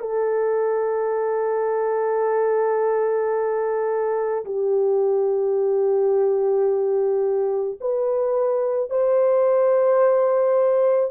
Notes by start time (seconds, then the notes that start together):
0.00 A4
4.45 G4
7.80 B4
8.90 C5